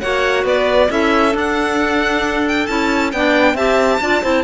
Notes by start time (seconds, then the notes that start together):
0.00 A#3 F#4 C#5 F#5
0.44 B3 B4 D5
0.90 C#4 E4 A4 E5
1.31 D4
1.38 F#5
2.48 G5
2.66 C#4 E4 A5
3.12 B3 D4 D5 G5
3.54 C4 G4 E5 A5
4.00 D4 F4 D5
4.22 C4 E4 C5